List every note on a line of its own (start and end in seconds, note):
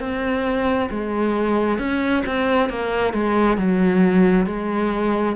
0.00 0.90 C4
0.90 1.79 G#3
1.79 2.23 C#4
2.26 2.69 C4
2.69 3.13 A#3
3.13 3.58 G#3
3.58 4.47 F#3
4.47 5.36 G#3